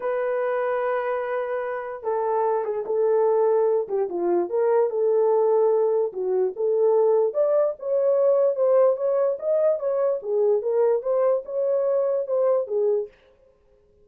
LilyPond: \new Staff \with { instrumentName = "horn" } { \time 4/4 \tempo 4 = 147 b'1~ | b'4 a'4. gis'8 a'4~ | a'4. g'8 f'4 ais'4 | a'2. fis'4 |
a'2 d''4 cis''4~ | cis''4 c''4 cis''4 dis''4 | cis''4 gis'4 ais'4 c''4 | cis''2 c''4 gis'4 | }